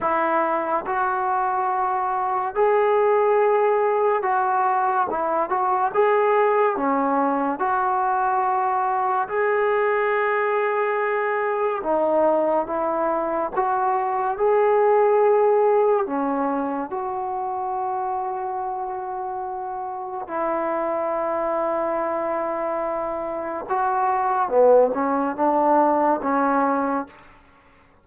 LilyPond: \new Staff \with { instrumentName = "trombone" } { \time 4/4 \tempo 4 = 71 e'4 fis'2 gis'4~ | gis'4 fis'4 e'8 fis'8 gis'4 | cis'4 fis'2 gis'4~ | gis'2 dis'4 e'4 |
fis'4 gis'2 cis'4 | fis'1 | e'1 | fis'4 b8 cis'8 d'4 cis'4 | }